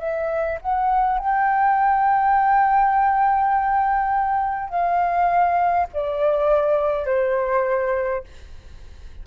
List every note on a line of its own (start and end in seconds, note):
0.00 0.59 E5
0.62 1.19 F#5
1.19 4.70 G5
4.70 5.88 F5
5.94 7.06 D5
7.06 8.24 C5